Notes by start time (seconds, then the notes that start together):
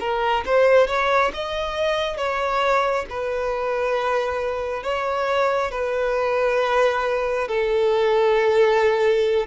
0.00 A#4
0.46 C5
0.87 C#5
1.34 D#5
2.17 C#5
3.10 B4
4.83 C#5
5.72 B4
7.48 A4